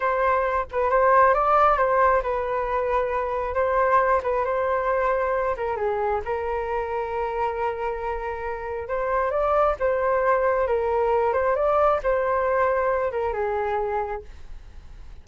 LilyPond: \new Staff \with { instrumentName = "flute" } { \time 4/4 \tempo 4 = 135 c''4. b'8 c''4 d''4 | c''4 b'2. | c''4. b'8 c''2~ | c''8 ais'8 gis'4 ais'2~ |
ais'1 | c''4 d''4 c''2 | ais'4. c''8 d''4 c''4~ | c''4. ais'8 gis'2 | }